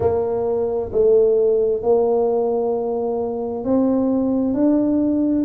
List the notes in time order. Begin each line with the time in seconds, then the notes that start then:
0.00 A#3
0.92 A3
1.83 A#3
3.64 C4
4.54 D4